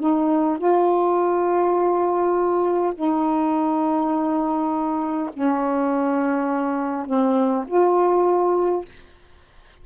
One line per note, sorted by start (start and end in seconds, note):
0.00 0.58 D#4
0.58 2.94 F4
2.95 5.30 D#4
5.33 7.06 C#4
7.06 7.65 C4
7.67 8.85 F4